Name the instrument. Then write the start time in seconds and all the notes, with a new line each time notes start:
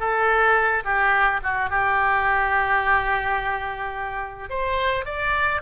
oboe
0.00 A4
0.85 G4
1.43 F#4
1.71 G4
4.50 C5
5.05 D5